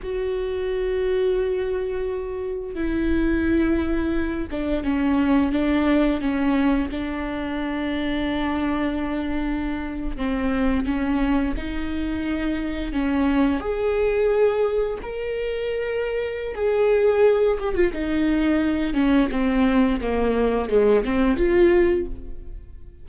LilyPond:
\new Staff \with { instrumentName = "viola" } { \time 4/4 \tempo 4 = 87 fis'1 | e'2~ e'8 d'8 cis'4 | d'4 cis'4 d'2~ | d'2~ d'8. c'4 cis'16~ |
cis'8. dis'2 cis'4 gis'16~ | gis'4.~ gis'16 ais'2~ ais'16 | gis'4. g'16 f'16 dis'4. cis'8 | c'4 ais4 gis8 c'8 f'4 | }